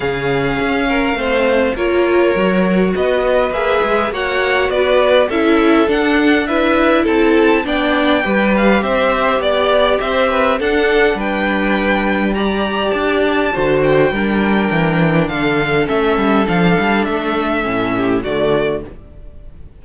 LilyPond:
<<
  \new Staff \with { instrumentName = "violin" } { \time 4/4 \tempo 4 = 102 f''2. cis''4~ | cis''4 dis''4 e''4 fis''4 | d''4 e''4 fis''4 e''4 | a''4 g''4. f''8 e''4 |
d''4 e''4 fis''4 g''4~ | g''4 ais''4 a''4. g''8~ | g''2 f''4 e''4 | f''4 e''2 d''4 | }
  \new Staff \with { instrumentName = "violin" } { \time 4/4 gis'4. ais'8 c''4 ais'4~ | ais'4 b'2 cis''4 | b'4 a'2 b'4 | a'4 d''4 b'4 c''4 |
d''4 c''8 b'8 a'4 b'4~ | b'4 d''2 c''4 | ais'2 a'2~ | a'2~ a'8 g'8 fis'4 | }
  \new Staff \with { instrumentName = "viola" } { \time 4/4 cis'2 c'4 f'4 | fis'2 gis'4 fis'4~ | fis'4 e'4 d'4 e'4~ | e'4 d'4 g'2~ |
g'2 d'2~ | d'4 g'2 fis'4 | d'2. cis'4 | d'2 cis'4 a4 | }
  \new Staff \with { instrumentName = "cello" } { \time 4/4 cis4 cis'4 a4 ais4 | fis4 b4 ais8 gis8 ais4 | b4 cis'4 d'2 | c'4 b4 g4 c'4 |
b4 c'4 d'4 g4~ | g2 d'4 d4 | g4 e4 d4 a8 g8 | f8 g8 a4 a,4 d4 | }
>>